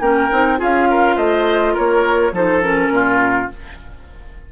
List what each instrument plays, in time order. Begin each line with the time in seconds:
0.00 bassoon A#3, clarinet C#4, oboe A#4, flute G5
0.31 bassoon C4, clarinet D#4
0.58 bassoon C#4, clarinet F4, oboe G#4, flute F5
0.91 oboe A#4
1.16 bassoon A3, oboe C5, flute D#5
1.74 bassoon A#3, oboe A#4, flute C#5
2.32 bassoon F3, clarinet D#4, oboe A4, flute C5
2.62 clarinet C#4, flute A#4
2.90 bassoon A#2, oboe F4